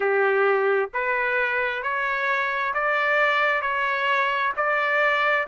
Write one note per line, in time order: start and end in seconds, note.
0.00 0.90 G4
0.93 1.82 B4
1.82 2.73 C#5
2.74 3.61 D5
3.61 4.52 C#5
4.56 5.47 D5